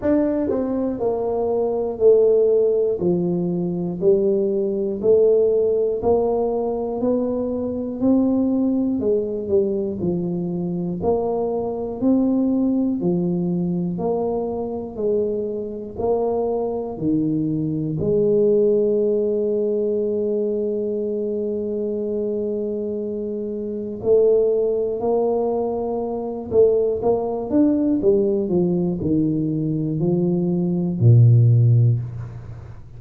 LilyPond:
\new Staff \with { instrumentName = "tuba" } { \time 4/4 \tempo 4 = 60 d'8 c'8 ais4 a4 f4 | g4 a4 ais4 b4 | c'4 gis8 g8 f4 ais4 | c'4 f4 ais4 gis4 |
ais4 dis4 gis2~ | gis1 | a4 ais4. a8 ais8 d'8 | g8 f8 dis4 f4 ais,4 | }